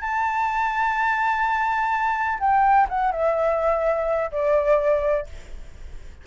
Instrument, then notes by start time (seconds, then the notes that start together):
flute
0.00 A5
2.39 G5
2.89 F#5
3.12 E5
4.31 D5